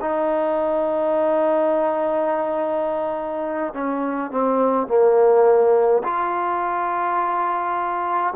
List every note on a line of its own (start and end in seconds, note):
0.00 3.73 D#4
3.73 4.31 C#4
4.31 4.87 C4
4.87 6.02 A#3
6.03 8.34 F4